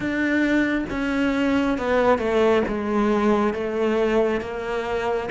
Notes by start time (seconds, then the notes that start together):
0.00 D4
0.89 C#4
1.78 B3
2.18 A3
2.68 G#3
3.53 A3
4.40 A#3